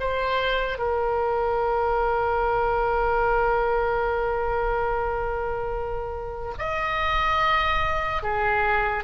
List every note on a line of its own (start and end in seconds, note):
0.00 0.78 C5
0.78 6.54 A#4
6.59 8.23 D#5
8.23 9.04 G#4